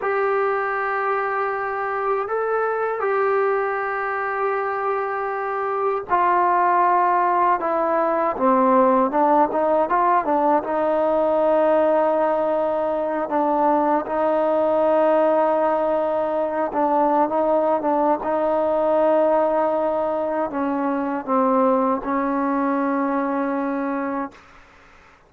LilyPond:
\new Staff \with { instrumentName = "trombone" } { \time 4/4 \tempo 4 = 79 g'2. a'4 | g'1 | f'2 e'4 c'4 | d'8 dis'8 f'8 d'8 dis'2~ |
dis'4. d'4 dis'4.~ | dis'2 d'8. dis'8. d'8 | dis'2. cis'4 | c'4 cis'2. | }